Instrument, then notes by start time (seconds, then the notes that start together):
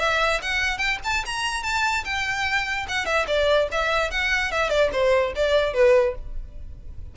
violin
0.00 E5
0.42 F#5
0.78 G5
1.05 A5
1.26 A#5
1.63 A5
2.05 G5
2.89 F#5
3.06 E5
3.28 D5
3.72 E5
4.11 F#5
4.52 E5
4.70 D5
4.93 C5
5.36 D5
5.74 B4